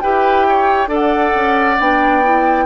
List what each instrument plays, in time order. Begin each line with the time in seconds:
0.00 bassoon E4, clarinet G4, oboe B4, flute G5
0.48 oboe C#5
0.87 bassoon D4, clarinet A4, oboe D5
0.93 flute F#5
1.35 bassoon C#4
1.79 bassoon B3, clarinet D4, flute G5
2.23 clarinet E4